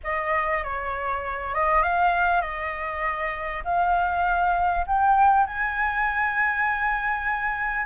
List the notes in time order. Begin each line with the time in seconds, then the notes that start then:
0.03 D#5
0.63 C#5
1.54 D#5
1.82 F5
2.41 D#5
3.64 F5
4.87 G5
5.46 G#5